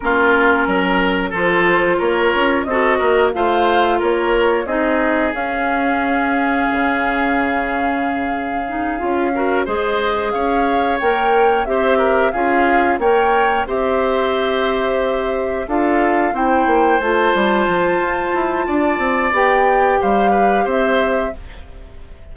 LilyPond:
<<
  \new Staff \with { instrumentName = "flute" } { \time 4/4 \tempo 4 = 90 ais'2 c''4 cis''4 | dis''4 f''4 cis''4 dis''4 | f''1~ | f''2~ f''8 dis''4 f''8~ |
f''8 g''4 e''4 f''4 g''8~ | g''8 e''2. f''8~ | f''8 g''4 a''2~ a''8~ | a''4 g''4 f''4 e''4 | }
  \new Staff \with { instrumentName = "oboe" } { \time 4/4 f'4 ais'4 a'4 ais'4 | a'8 ais'8 c''4 ais'4 gis'4~ | gis'1~ | gis'2 ais'8 c''4 cis''8~ |
cis''4. c''8 ais'8 gis'4 cis''8~ | cis''8 c''2. a'8~ | a'8 c''2.~ c''8 | d''2 c''8 b'8 c''4 | }
  \new Staff \with { instrumentName = "clarinet" } { \time 4/4 cis'2 f'2 | fis'4 f'2 dis'4 | cis'1~ | cis'4 dis'8 f'8 fis'8 gis'4.~ |
gis'8 ais'4 g'4 f'4 ais'8~ | ais'8 g'2. f'8~ | f'8 e'4 f'2~ f'8~ | f'4 g'2. | }
  \new Staff \with { instrumentName = "bassoon" } { \time 4/4 ais4 fis4 f4 ais8 cis'8 | c'8 ais8 a4 ais4 c'4 | cis'2 cis2~ | cis4. cis'4 gis4 cis'8~ |
cis'8 ais4 c'4 cis'4 ais8~ | ais8 c'2. d'8~ | d'8 c'8 ais8 a8 g8 f8 f'8 e'8 | d'8 c'8 b4 g4 c'4 | }
>>